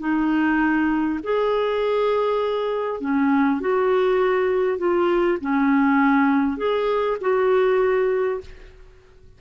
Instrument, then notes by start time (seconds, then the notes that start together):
clarinet
0.00 D#4
1.24 G#4
3.01 C#4
3.61 F#4
4.78 F4
5.41 C#4
6.58 G#4
7.21 F#4